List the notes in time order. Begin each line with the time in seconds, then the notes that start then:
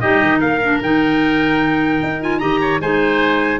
0.00 G3 D#4 G4 D#5
0.22 D#3
0.39 A#3 A#4 F5
0.62 D4
0.81 D#3 D#4 G5
2.02 D#4
2.21 F4 G#5
2.39 D#3 G4 D#5 A#5
2.60 C#5
2.80 G#3 D#4 C5 G#5